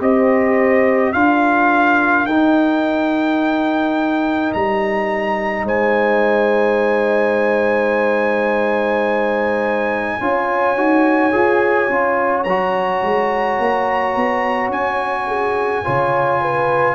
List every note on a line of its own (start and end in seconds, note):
0.00 1.13 C4
0.00 1.14 G4
0.00 1.14 C5
0.00 1.12 D#5
1.12 2.24 D4
1.12 2.27 F4
1.12 5.64 A#4
1.12 2.25 F5
2.24 4.50 D#4
2.24 10.20 D#4
2.24 4.52 G5
4.53 5.63 G3
4.53 5.66 A#5
5.63 10.16 G#3
5.63 10.17 C5
5.63 12.43 G#5
10.20 10.76 C#4
10.20 10.76 F4
10.20 15.27 C#5
10.76 11.33 D#4
10.76 11.32 F#4
11.32 11.88 F4
11.32 11.88 G#4
11.88 12.45 C#4
11.88 12.45 F4
12.43 13.01 F#3
12.43 15.84 F#4
12.43 14.70 A#5
13.02 13.58 G#3
13.58 14.15 A#3
14.15 14.68 B3
14.68 15.82 C#4
14.68 16.94 G#5
15.27 15.83 G#4
15.83 16.94 C#3
15.83 16.94 F4
15.83 16.40 C#5
16.41 16.94 B4